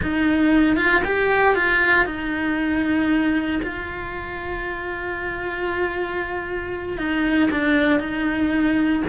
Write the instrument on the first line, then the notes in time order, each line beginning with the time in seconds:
cello
0.02 D#4
0.76 F4
1.04 G4
1.55 F4
2.05 D#4
3.62 F4
6.97 D#4
7.50 D4
7.99 D#4